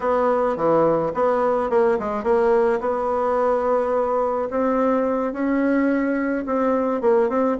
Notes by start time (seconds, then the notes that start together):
0.00 B3
0.56 E3
1.14 B3
1.70 A#3
1.99 G#3
2.23 A#3
2.80 B3
4.50 C4
5.32 C#4
6.46 C4
7.01 A#3
7.29 C4